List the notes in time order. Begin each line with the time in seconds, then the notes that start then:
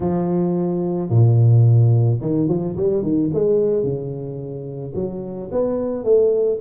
0.00 F3
1.09 A#2
2.21 D#3
2.48 F3
2.76 G3
3.02 D#3
3.33 G#3
3.83 C#3
4.94 F#3
5.51 B3
6.04 A3